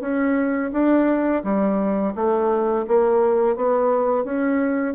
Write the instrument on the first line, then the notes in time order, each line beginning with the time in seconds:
bassoon
0.00 C#4
0.72 D4
1.43 G3
2.15 A3
2.87 A#3
3.56 B3
4.24 C#4